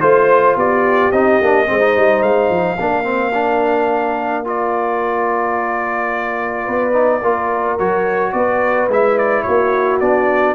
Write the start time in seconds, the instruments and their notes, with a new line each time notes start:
0.00 tuba A3, trombone F4, trumpet C5, horn C5
0.56 tuba B3, horn G4, trumpet D5
1.11 tuba C4, trombone D#4, trumpet D#5
1.41 tuba A#3, trombone D4
1.66 tuba G#3, trombone C4, horn C5
1.79 trombone D#4
1.96 tuba G3
2.22 tuba G#3, trumpet F5
2.49 tuba F3
2.78 tuba A#3, trombone D4, horn A#4
3.03 trombone C4
3.33 trombone D4
4.44 trombone F4, trumpet D5
6.65 tuba B3, horn B4
6.92 trombone D#4
7.21 tuba A#3, trombone F4, horn A#4
7.78 tuba F#3, trombone F#4, trumpet C#5
8.32 tuba B3, horn B4, trumpet D5
8.88 tuba G#3, trombone E4, trumpet E5
9.18 trumpet D5
9.42 tuba A#3, horn F#4, trumpet C#5
10.00 tuba B3, trombone D4, trumpet D5